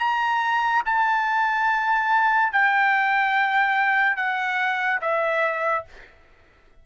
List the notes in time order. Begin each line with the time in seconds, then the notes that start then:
0.00 A#5
0.86 A5
2.53 G5
4.17 F#5
5.02 E5